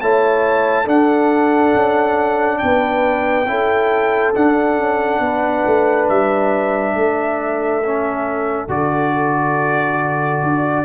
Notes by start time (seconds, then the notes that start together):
0.00 A3 E4 C#5 A5
0.83 D4 A4 F#5
1.74 C#4
2.58 B3 B4 G5
3.46 C#4 E4 A4
4.34 D4 F#5
4.78 C#4
5.19 B3 B4
5.66 A3
6.08 G3 E5
6.94 A3 A4
7.83 C#4
8.68 D3 F#4 D5
10.43 D4